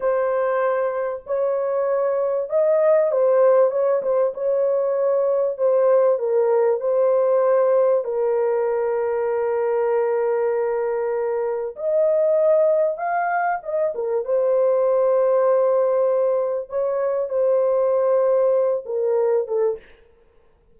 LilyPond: \new Staff \with { instrumentName = "horn" } { \time 4/4 \tempo 4 = 97 c''2 cis''2 | dis''4 c''4 cis''8 c''8 cis''4~ | cis''4 c''4 ais'4 c''4~ | c''4 ais'2.~ |
ais'2. dis''4~ | dis''4 f''4 dis''8 ais'8 c''4~ | c''2. cis''4 | c''2~ c''8 ais'4 a'8 | }